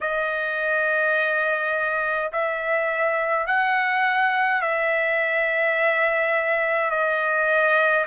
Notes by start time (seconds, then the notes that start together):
0.00 D#5
2.32 E5
3.46 F#5
4.61 E5
6.90 D#5